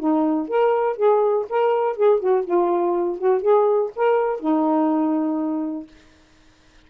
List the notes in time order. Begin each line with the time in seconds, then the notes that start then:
0.00 D#4
0.49 A#4
0.97 G#4
1.50 A#4
1.97 G#4
2.20 F#4
2.45 F4
3.19 F#4
3.42 G#4
3.96 A#4
4.40 D#4